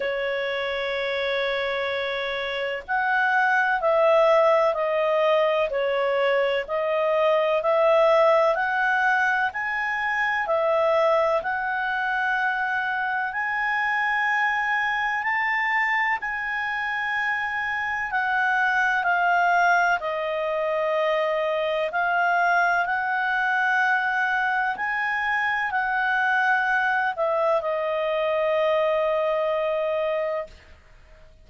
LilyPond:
\new Staff \with { instrumentName = "clarinet" } { \time 4/4 \tempo 4 = 63 cis''2. fis''4 | e''4 dis''4 cis''4 dis''4 | e''4 fis''4 gis''4 e''4 | fis''2 gis''2 |
a''4 gis''2 fis''4 | f''4 dis''2 f''4 | fis''2 gis''4 fis''4~ | fis''8 e''8 dis''2. | }